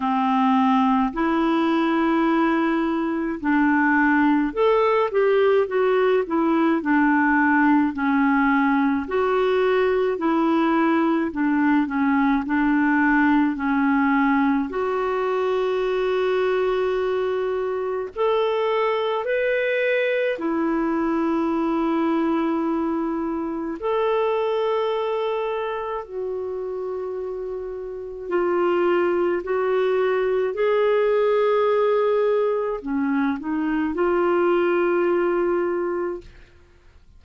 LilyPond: \new Staff \with { instrumentName = "clarinet" } { \time 4/4 \tempo 4 = 53 c'4 e'2 d'4 | a'8 g'8 fis'8 e'8 d'4 cis'4 | fis'4 e'4 d'8 cis'8 d'4 | cis'4 fis'2. |
a'4 b'4 e'2~ | e'4 a'2 fis'4~ | fis'4 f'4 fis'4 gis'4~ | gis'4 cis'8 dis'8 f'2 | }